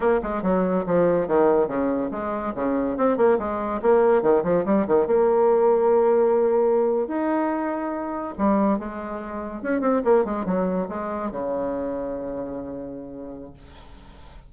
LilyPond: \new Staff \with { instrumentName = "bassoon" } { \time 4/4 \tempo 4 = 142 ais8 gis8 fis4 f4 dis4 | cis4 gis4 cis4 c'8 ais8 | gis4 ais4 dis8 f8 g8 dis8 | ais1~ |
ais8. dis'2. g16~ | g8. gis2 cis'8 c'8 ais16~ | ais16 gis8 fis4 gis4 cis4~ cis16~ | cis1 | }